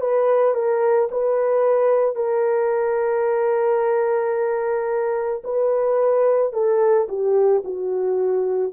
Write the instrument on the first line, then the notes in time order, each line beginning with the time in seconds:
horn
0.00 B4
0.54 A#4
1.11 B4
2.15 A#4
5.44 B4
6.53 A4
7.08 G4
7.64 F#4